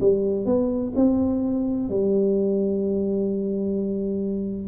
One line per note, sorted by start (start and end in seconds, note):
0.00 0.46 G3
0.46 0.92 B3
0.95 1.89 C4
1.89 4.67 G3